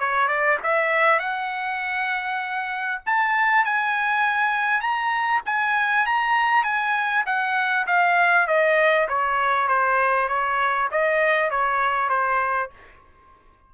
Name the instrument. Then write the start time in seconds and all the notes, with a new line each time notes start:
trumpet
0.00 C#5
0.28 D5
0.63 E5
1.20 F#5
3.07 A5
3.65 G#5
4.81 A#5
5.46 G#5
6.06 A#5
6.64 G#5
7.26 F#5
7.87 F5
8.48 D#5
9.09 C#5
9.68 C5
10.29 C#5
10.92 D#5
11.51 C#5
12.10 C5